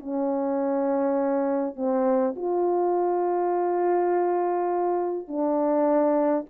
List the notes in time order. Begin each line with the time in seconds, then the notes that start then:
0.00 C#4
1.76 C4
2.36 F4
5.28 D4